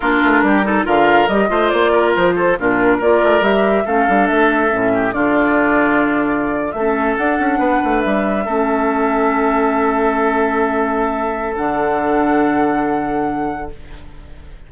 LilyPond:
<<
  \new Staff \with { instrumentName = "flute" } { \time 4/4 \tempo 4 = 140 ais'2 f''4 dis''4 | d''4 c''4 ais'4 d''4 | e''4 f''4 e''2 | d''2.~ d''8. e''16~ |
e''8. fis''2 e''4~ e''16~ | e''1~ | e''2. fis''4~ | fis''1 | }
  \new Staff \with { instrumentName = "oboe" } { \time 4/4 f'4 g'8 a'8 ais'4. c''8~ | c''8 ais'4 a'8 f'4 ais'4~ | ais'4 a'2~ a'8 g'8 | f'2.~ f'8. a'16~ |
a'4.~ a'16 b'2 a'16~ | a'1~ | a'1~ | a'1 | }
  \new Staff \with { instrumentName = "clarinet" } { \time 4/4 d'4. dis'8 f'4 g'8 f'8~ | f'2 d'4 f'4 | g'4 cis'8 d'4. cis'4 | d'2.~ d'8. cis'16~ |
cis'8. d'2. cis'16~ | cis'1~ | cis'2. d'4~ | d'1 | }
  \new Staff \with { instrumentName = "bassoon" } { \time 4/4 ais8 a8 g4 d4 g8 a8 | ais4 f4 ais,4 ais8 a8 | g4 a8 g8 a4 a,4 | d2.~ d8. a16~ |
a8. d'8 cis'8 b8 a8 g4 a16~ | a1~ | a2. d4~ | d1 | }
>>